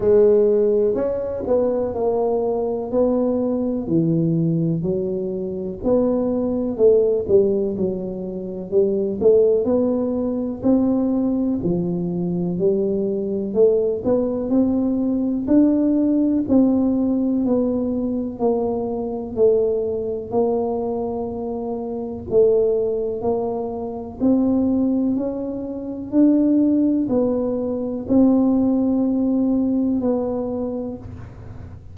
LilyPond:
\new Staff \with { instrumentName = "tuba" } { \time 4/4 \tempo 4 = 62 gis4 cis'8 b8 ais4 b4 | e4 fis4 b4 a8 g8 | fis4 g8 a8 b4 c'4 | f4 g4 a8 b8 c'4 |
d'4 c'4 b4 ais4 | a4 ais2 a4 | ais4 c'4 cis'4 d'4 | b4 c'2 b4 | }